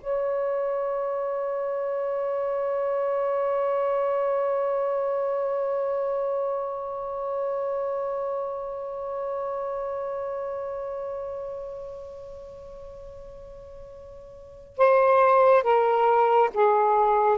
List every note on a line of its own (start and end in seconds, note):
0.00 14.77 C#5
14.77 15.63 C5
15.63 16.50 A#4
16.53 17.38 G#4